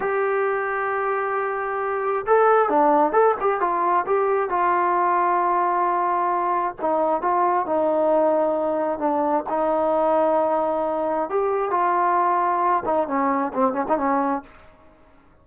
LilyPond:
\new Staff \with { instrumentName = "trombone" } { \time 4/4 \tempo 4 = 133 g'1~ | g'4 a'4 d'4 a'8 g'8 | f'4 g'4 f'2~ | f'2. dis'4 |
f'4 dis'2. | d'4 dis'2.~ | dis'4 g'4 f'2~ | f'8 dis'8 cis'4 c'8 cis'16 dis'16 cis'4 | }